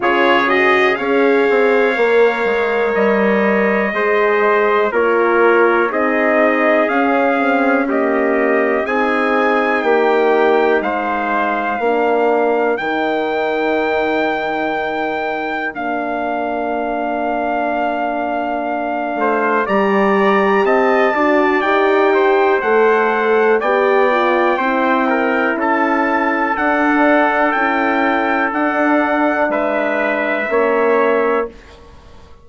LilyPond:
<<
  \new Staff \with { instrumentName = "trumpet" } { \time 4/4 \tempo 4 = 61 cis''8 dis''8 f''2 dis''4~ | dis''4 cis''4 dis''4 f''4 | dis''4 gis''4 g''4 f''4~ | f''4 g''2. |
f''1 | ais''4 a''4 g''4 fis''4 | g''2 a''4 fis''4 | g''4 fis''4 e''2 | }
  \new Staff \with { instrumentName = "trumpet" } { \time 4/4 gis'4 cis''2. | c''4 ais'4 gis'2 | g'4 gis'4 g'4 c''4 | ais'1~ |
ais'2.~ ais'8 c''8 | d''4 dis''8 d''4 c''4. | d''4 c''8 ais'8 a'2~ | a'2 b'4 cis''4 | }
  \new Staff \with { instrumentName = "horn" } { \time 4/4 f'8 fis'8 gis'4 ais'2 | gis'4 f'4 dis'4 cis'8 c'8 | ais4 dis'2. | d'4 dis'2. |
d'1 | g'4. fis'8 g'4 a'4 | g'8 f'8 e'2 d'4 | e'4 d'2 cis'4 | }
  \new Staff \with { instrumentName = "bassoon" } { \time 4/4 cis4 cis'8 c'8 ais8 gis8 g4 | gis4 ais4 c'4 cis'4~ | cis'4 c'4 ais4 gis4 | ais4 dis2. |
ais2.~ ais8 a8 | g4 c'8 d'8 dis'4 a4 | b4 c'4 cis'4 d'4 | cis'4 d'4 gis4 ais4 | }
>>